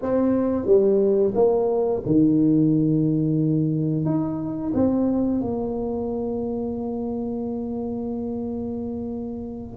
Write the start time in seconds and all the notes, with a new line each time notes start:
0.02 C4
0.66 G3
1.35 A#3
2.05 D#3
4.05 D#4
4.73 C4
5.41 A#3